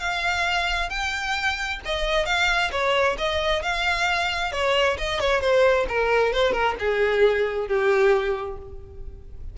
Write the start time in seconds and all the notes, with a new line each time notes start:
0.00 F5
0.90 G5
1.85 D#5
2.26 F5
2.72 C#5
3.18 D#5
3.63 F5
4.52 C#5
4.98 D#5
5.20 C#5
5.41 C5
5.89 A#4
6.33 C5
6.53 A#4
6.80 G#4
7.68 G4